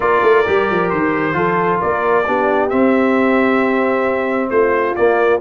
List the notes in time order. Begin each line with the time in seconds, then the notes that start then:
0.00 A#3 F4 A#4 D5
0.22 A3
0.46 G3 G4
0.70 F3
0.89 D#3 C5
1.33 F3 F4 A4
1.79 A#3 A#4 D5
2.26 B3 D4 G4
2.69 C4 E5
4.50 A3 F4 C5
4.95 A#3 D5